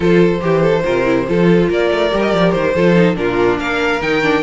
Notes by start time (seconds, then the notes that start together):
0.00 F3 F4 A4 C5
0.40 E3 G4
0.62 A4
0.84 C3 F4 A#4
1.04 E4
1.28 F3 F4 A4
1.69 A#3 A#4 D5
1.91 A3
2.10 G3 G4
2.22 D#5
2.31 F3 D5
2.52 D#3 C5
2.74 F3 F4 A4
2.95 D#4
3.15 A#2 D4 F4 A#4
3.58 A#3 A#4 F5
4.01 D#3 D#4 G5
4.22 D4